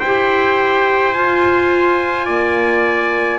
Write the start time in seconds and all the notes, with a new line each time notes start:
0.00 E4 G4 C5 G5
1.13 F4 G#5
2.26 A#3 D5